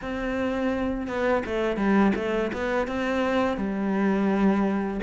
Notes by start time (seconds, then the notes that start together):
0.01 C4
1.07 B3
1.45 A3
1.76 G3
2.15 A3
2.52 B3
2.87 C4
3.57 G3